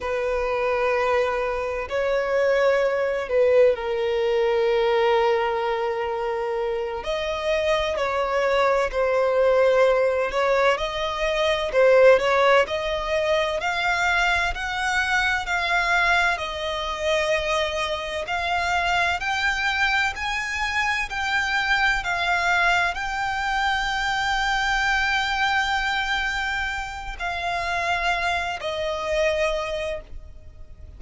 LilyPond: \new Staff \with { instrumentName = "violin" } { \time 4/4 \tempo 4 = 64 b'2 cis''4. b'8 | ais'2.~ ais'8 dis''8~ | dis''8 cis''4 c''4. cis''8 dis''8~ | dis''8 c''8 cis''8 dis''4 f''4 fis''8~ |
fis''8 f''4 dis''2 f''8~ | f''8 g''4 gis''4 g''4 f''8~ | f''8 g''2.~ g''8~ | g''4 f''4. dis''4. | }